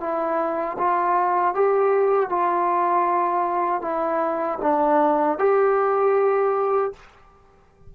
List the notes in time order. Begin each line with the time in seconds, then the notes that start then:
0.00 E4
0.78 F4
1.54 G4
2.29 F4
3.81 E4
4.62 D4
5.38 G4